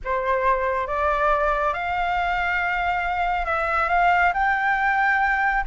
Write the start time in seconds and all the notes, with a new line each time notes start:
0.04 C5
0.87 D5
1.73 F5
3.45 E5
3.89 F5
4.33 G5